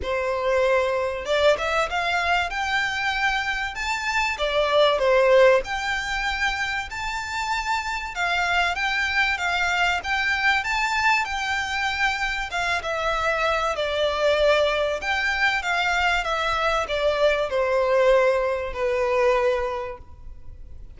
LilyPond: \new Staff \with { instrumentName = "violin" } { \time 4/4 \tempo 4 = 96 c''2 d''8 e''8 f''4 | g''2 a''4 d''4 | c''4 g''2 a''4~ | a''4 f''4 g''4 f''4 |
g''4 a''4 g''2 | f''8 e''4. d''2 | g''4 f''4 e''4 d''4 | c''2 b'2 | }